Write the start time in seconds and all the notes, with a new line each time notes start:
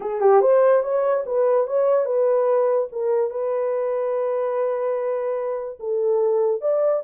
0.00 G#4
0.20 G4
0.41 C5
0.82 C#5
1.26 B4
1.67 C#5
2.05 B4
2.92 A#4
3.30 B4
5.79 A4
6.61 D5